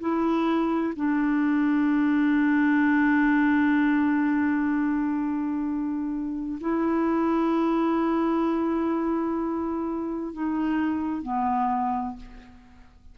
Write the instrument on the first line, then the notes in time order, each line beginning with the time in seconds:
clarinet
0.00 E4
0.96 D4
6.61 E4
10.33 D#4
11.22 B3